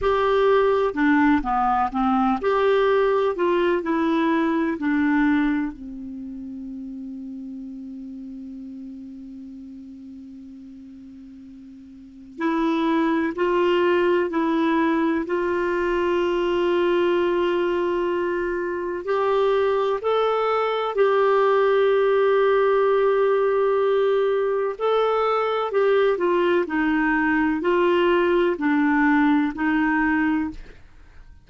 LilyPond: \new Staff \with { instrumentName = "clarinet" } { \time 4/4 \tempo 4 = 63 g'4 d'8 b8 c'8 g'4 f'8 | e'4 d'4 c'2~ | c'1~ | c'4 e'4 f'4 e'4 |
f'1 | g'4 a'4 g'2~ | g'2 a'4 g'8 f'8 | dis'4 f'4 d'4 dis'4 | }